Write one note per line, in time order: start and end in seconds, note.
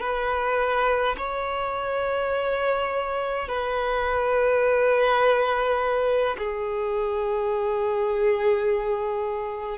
0.00 1.15 B4
1.17 3.48 C#5
3.48 6.36 B4
6.37 9.78 G#4